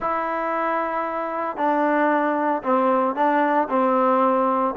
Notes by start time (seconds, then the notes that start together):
0.00 E4
1.56 D4
2.62 C4
3.15 D4
3.69 C4